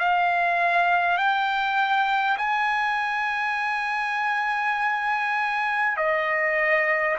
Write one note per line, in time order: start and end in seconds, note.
0.00 1.18 F5
1.18 2.38 G5
2.38 5.97 G#5
5.97 7.17 D#5